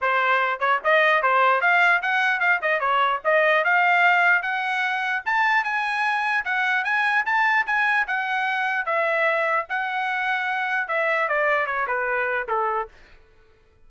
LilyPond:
\new Staff \with { instrumentName = "trumpet" } { \time 4/4 \tempo 4 = 149 c''4. cis''8 dis''4 c''4 | f''4 fis''4 f''8 dis''8 cis''4 | dis''4 f''2 fis''4~ | fis''4 a''4 gis''2 |
fis''4 gis''4 a''4 gis''4 | fis''2 e''2 | fis''2. e''4 | d''4 cis''8 b'4. a'4 | }